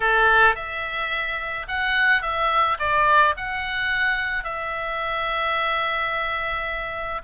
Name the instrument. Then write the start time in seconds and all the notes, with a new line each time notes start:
oboe
0.00 A4
0.55 E5
1.68 F#5
2.22 E5
2.79 D5
3.36 F#5
4.43 E5